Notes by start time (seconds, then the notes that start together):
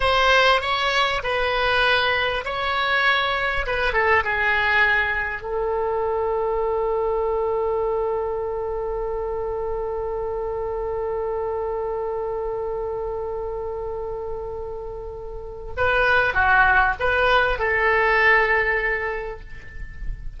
0.00 C5
0.61 C#5
1.23 B4
2.44 C#5
3.66 B4
3.93 A4
4.23 G#4
5.42 A4
15.76 B4
16.34 F#4
16.99 B4
17.58 A4